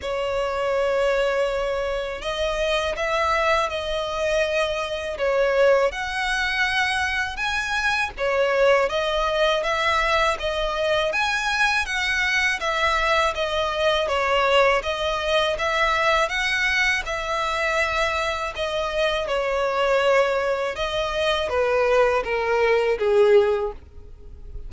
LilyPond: \new Staff \with { instrumentName = "violin" } { \time 4/4 \tempo 4 = 81 cis''2. dis''4 | e''4 dis''2 cis''4 | fis''2 gis''4 cis''4 | dis''4 e''4 dis''4 gis''4 |
fis''4 e''4 dis''4 cis''4 | dis''4 e''4 fis''4 e''4~ | e''4 dis''4 cis''2 | dis''4 b'4 ais'4 gis'4 | }